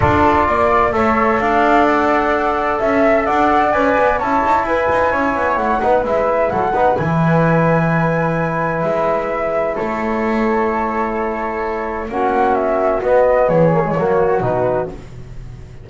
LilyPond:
<<
  \new Staff \with { instrumentName = "flute" } { \time 4/4 \tempo 4 = 129 d''2 e''4 f''4 | fis''2 e''4 fis''4 | gis''4 a''4 gis''2 | fis''4 e''4 fis''4 gis''4~ |
gis''2. e''4~ | e''4 cis''2.~ | cis''2 fis''4 e''4 | dis''4 cis''2 b'4 | }
  \new Staff \with { instrumentName = "flute" } { \time 4/4 a'4 d''4 cis''4 d''4~ | d''2 e''4 d''4~ | d''4 cis''4 b'4 cis''4~ | cis''8 b'4. a'8 b'4.~ |
b'1~ | b'4 a'2.~ | a'2 fis'2~ | fis'4 gis'4 fis'2 | }
  \new Staff \with { instrumentName = "trombone" } { \time 4/4 f'2 a'2~ | a'1 | b'4 e'2.~ | e'8 dis'8 e'4. dis'8 e'4~ |
e'1~ | e'1~ | e'2 cis'2 | b4. ais16 gis16 ais4 dis'4 | }
  \new Staff \with { instrumentName = "double bass" } { \time 4/4 d'4 ais4 a4 d'4~ | d'2 cis'4 d'4 | cis'8 b8 cis'8 dis'8 e'8 dis'8 cis'8 b8 | a8 b8 gis4 fis8 b8 e4~ |
e2. gis4~ | gis4 a2.~ | a2 ais2 | b4 e4 fis4 b,4 | }
>>